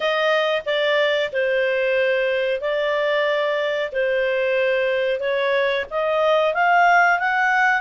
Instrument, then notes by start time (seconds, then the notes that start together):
clarinet
0.00 D#5
0.65 D5
1.32 C5
2.61 D5
3.92 C5
5.20 C#5
5.90 D#5
6.54 F5
7.19 F#5